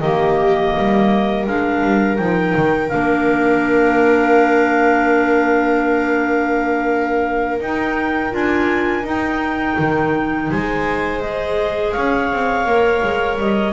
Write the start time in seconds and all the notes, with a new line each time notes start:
0.00 D#3 A#3 G4 D#5
0.76 G3 A#4
1.46 G#3 D4 F5
1.82 G3
2.17 F3 D#4 G5
2.56 D#3
2.88 A#3 D4 F5
7.60 D#4 G5
8.30 D4 F4 G#5
9.03 D#4 G5
9.78 D#3
10.50 G#3 C5 G#5
11.21 G#4 D#5
11.92 C#4 C#5 F5
12.32 C4
12.65 A#3 A#4
13.02 G#3
13.38 G3 D#5